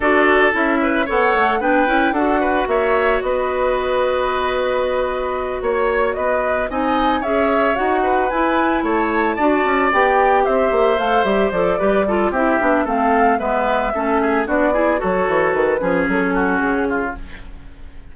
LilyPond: <<
  \new Staff \with { instrumentName = "flute" } { \time 4/4 \tempo 4 = 112 d''4 e''4 fis''4 g''4 | fis''4 e''4 dis''2~ | dis''2~ dis''8 cis''4 dis''8~ | dis''8 gis''4 e''4 fis''4 gis''8~ |
gis''8 a''2 g''4 e''8~ | e''8 f''8 e''8 d''4. e''4 | f''4 e''2 d''4 | cis''4 b'4 a'4 gis'4 | }
  \new Staff \with { instrumentName = "oboe" } { \time 4/4 a'4. b'8 cis''4 b'4 | a'8 b'8 cis''4 b'2~ | b'2~ b'8 cis''4 b'8~ | b'8 dis''4 cis''4. b'4~ |
b'8 cis''4 d''2 c''8~ | c''2 b'8 a'8 g'4 | a'4 b'4 a'8 gis'8 fis'8 gis'8 | a'4. gis'4 fis'4 f'8 | }
  \new Staff \with { instrumentName = "clarinet" } { \time 4/4 fis'4 e'4 a'4 d'8 e'8 | fis'1~ | fis'1~ | fis'8 dis'4 gis'4 fis'4 e'8~ |
e'4. fis'4 g'4.~ | g'8 a'8 g'8 a'8 g'8 f'8 e'8 d'8 | c'4 b4 cis'4 d'8 e'8 | fis'4. cis'2~ cis'8 | }
  \new Staff \with { instrumentName = "bassoon" } { \time 4/4 d'4 cis'4 b8 a8 b8 cis'8 | d'4 ais4 b2~ | b2~ b8 ais4 b8~ | b8 c'4 cis'4 dis'4 e'8~ |
e'8 a4 d'8 cis'8 b4 c'8 | ais8 a8 g8 f8 g4 c'8 b8 | a4 gis4 a4 b4 | fis8 e8 dis8 f8 fis4 cis4 | }
>>